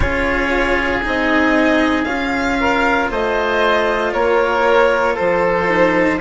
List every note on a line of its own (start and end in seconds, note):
0.00 1.03 C#4
0.00 1.01 F4
0.00 2.58 G#4
0.00 1.00 C#5
1.02 2.05 C4
1.02 2.05 D#4
1.02 2.04 D#5
2.04 3.08 C#4
2.04 5.67 F4
2.04 3.07 F5
2.60 3.11 A#4
3.10 4.13 A3
3.10 4.13 C5
3.10 4.13 D#5
4.13 5.16 A#3
4.13 5.14 A#4
4.13 5.16 C#5
5.14 6.20 F3
5.14 6.17 A4
5.14 6.19 C5
5.67 6.19 D#4